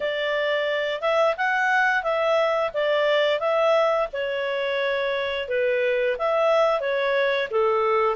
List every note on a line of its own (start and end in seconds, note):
0.00 1.01 D5
1.01 1.35 E5
1.37 2.03 F#5
2.03 2.71 E5
2.73 3.39 D5
3.39 4.07 E5
4.12 5.48 C#5
5.48 6.16 B4
6.18 6.80 E5
6.80 7.48 C#5
7.51 8.15 A4